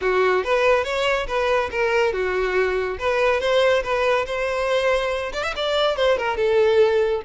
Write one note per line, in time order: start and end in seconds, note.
0.01 0.44 F#4
0.44 0.84 B4
0.84 1.26 C#5
1.27 1.69 B4
1.71 2.12 A#4
2.12 2.97 F#4
2.99 3.40 B4
3.40 3.83 C5
3.83 4.25 B4
4.26 5.32 C5
5.32 5.43 D5
5.43 5.53 E5
5.55 5.96 D5
5.96 6.17 C5
6.17 6.36 A#4
6.36 7.21 A4